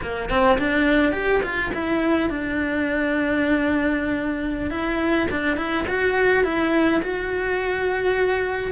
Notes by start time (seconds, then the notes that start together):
0.02 A#3
0.29 C4
0.58 D4
1.12 G4
1.42 F4
1.74 E4
2.29 D4
4.70 E4
5.30 D4
5.56 E4
5.87 F#4
6.44 E4
7.02 F#4